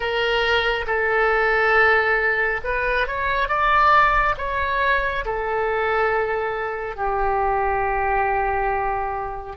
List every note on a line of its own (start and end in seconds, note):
0.00 0.85 A#4
0.87 2.60 A4
2.64 3.07 B4
3.07 3.48 C#5
3.48 4.35 D5
4.37 5.24 C#5
5.25 6.96 A4
6.96 9.56 G4